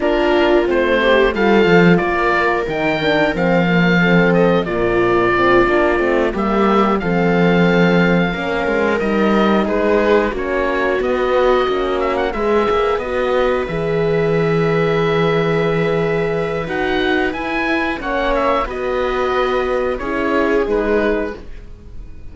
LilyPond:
<<
  \new Staff \with { instrumentName = "oboe" } { \time 4/4 \tempo 4 = 90 ais'4 c''4 f''4 d''4 | g''4 f''4. dis''8 d''4~ | d''4. e''4 f''4.~ | f''4. dis''4 b'4 cis''8~ |
cis''8 dis''4. e''16 fis''16 e''4 dis''8~ | dis''8 e''2.~ e''8~ | e''4 fis''4 gis''4 fis''8 e''8 | dis''2 cis''4 b'4 | }
  \new Staff \with { instrumentName = "viola" } { \time 4/4 f'4. g'8 a'4 ais'4~ | ais'2 a'4 f'4~ | f'4. g'4 a'4.~ | a'8 ais'2 gis'4 fis'8~ |
fis'2~ fis'8 b'4.~ | b'1~ | b'2. cis''4 | b'2 gis'2 | }
  \new Staff \with { instrumentName = "horn" } { \time 4/4 d'4 c'4 f'2 | dis'8 d'8 c'8 ais8 c'4 ais4 | c'8 d'8 c'8 ais4 c'4.~ | c'8 cis'4 dis'2 cis'8~ |
cis'8 b4 cis'4 gis'4 fis'8~ | fis'8 gis'2.~ gis'8~ | gis'4 fis'4 e'4 cis'4 | fis'2 e'4 dis'4 | }
  \new Staff \with { instrumentName = "cello" } { \time 4/4 ais4 a4 g8 f8 ais4 | dis4 f2 ais,4~ | ais,8 ais8 a8 g4 f4.~ | f8 ais8 gis8 g4 gis4 ais8~ |
ais8 b4 ais4 gis8 ais8 b8~ | b8 e2.~ e8~ | e4 dis'4 e'4 ais4 | b2 cis'4 gis4 | }
>>